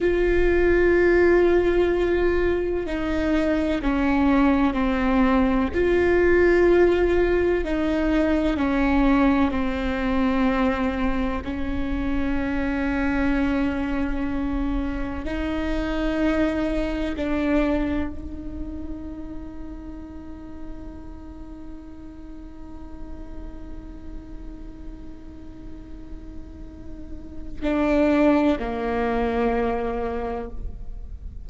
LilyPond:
\new Staff \with { instrumentName = "viola" } { \time 4/4 \tempo 4 = 63 f'2. dis'4 | cis'4 c'4 f'2 | dis'4 cis'4 c'2 | cis'1 |
dis'2 d'4 dis'4~ | dis'1~ | dis'1~ | dis'4 d'4 ais2 | }